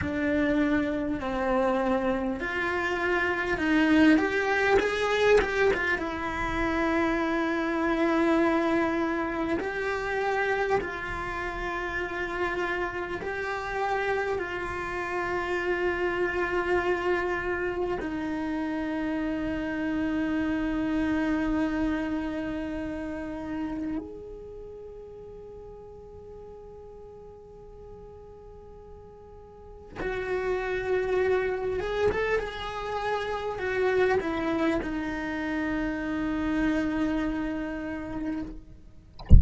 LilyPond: \new Staff \with { instrumentName = "cello" } { \time 4/4 \tempo 4 = 50 d'4 c'4 f'4 dis'8 g'8 | gis'8 g'16 f'16 e'2. | g'4 f'2 g'4 | f'2. dis'4~ |
dis'1 | gis'1~ | gis'4 fis'4. gis'16 a'16 gis'4 | fis'8 e'8 dis'2. | }